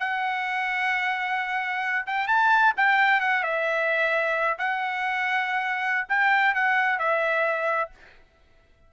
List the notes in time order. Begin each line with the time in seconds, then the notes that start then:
0.00 F#5
2.07 G5
2.28 A5
2.78 G5
3.21 F#5
3.44 E5
4.59 F#5
6.09 G5
6.55 F#5
6.99 E5